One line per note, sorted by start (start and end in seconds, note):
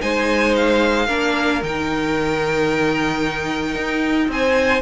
0.00 1.07 G#3
0.00 1.07 D#4
0.00 1.06 C5
0.00 0.54 G#5
0.55 1.62 F5
1.06 1.61 A#3
1.06 1.62 D4
1.06 4.28 A#4
1.62 3.74 D#3
1.62 4.82 D#4
1.62 4.31 G5
3.74 4.28 D#4
4.28 4.81 C4
4.28 4.82 C5
4.28 4.82 G#5